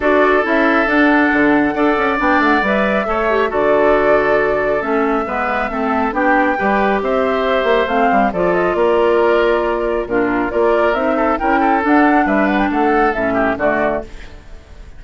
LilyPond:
<<
  \new Staff \with { instrumentName = "flute" } { \time 4/4 \tempo 4 = 137 d''4 e''4 fis''2~ | fis''4 g''8 fis''8 e''2 | d''2. e''4~ | e''2 g''2 |
e''2 f''4 d''8 dis''8 | d''2. ais'4 | d''4 e''4 g''4 fis''4 | e''8 fis''16 g''16 fis''4 e''4 d''4 | }
  \new Staff \with { instrumentName = "oboe" } { \time 4/4 a'1 | d''2. cis''4 | a'1 | b'4 a'4 g'4 b'4 |
c''2. a'4 | ais'2. f'4 | ais'4. a'8 ais'8 a'4. | b'4 a'4. g'8 fis'4 | }
  \new Staff \with { instrumentName = "clarinet" } { \time 4/4 fis'4 e'4 d'2 | a'4 d'4 b'4 a'8 g'8 | fis'2. cis'4 | b4 c'4 d'4 g'4~ |
g'2 c'4 f'4~ | f'2. d'4 | f'4 dis'4 e'4 d'4~ | d'2 cis'4 a4 | }
  \new Staff \with { instrumentName = "bassoon" } { \time 4/4 d'4 cis'4 d'4 d4 | d'8 cis'8 b8 a8 g4 a4 | d2. a4 | gis4 a4 b4 g4 |
c'4. ais8 a8 g8 f4 | ais2. ais,4 | ais4 c'4 cis'4 d'4 | g4 a4 a,4 d4 | }
>>